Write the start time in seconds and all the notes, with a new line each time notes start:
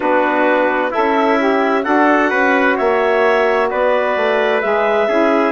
0.00 B3 D4 F#4 B4
0.91 E4 A4 E5
0.97 C#4
1.38 G4
1.83 D4 F#4 A4 F#5
2.30 C#4 B4
2.77 A#3 C#5 E5
3.70 B3 B4 D5
4.16 A3
4.61 G#3 G#4 E5
5.08 C#4 E4 G#4